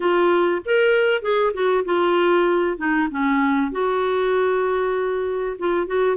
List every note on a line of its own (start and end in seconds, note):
0.00 0.62 F4
0.65 1.21 A#4
1.21 1.52 G#4
1.53 1.84 F#4
1.84 2.77 F4
2.77 3.08 D#4
3.10 3.71 C#4
3.71 5.57 F#4
5.58 5.86 F4
5.86 6.16 F#4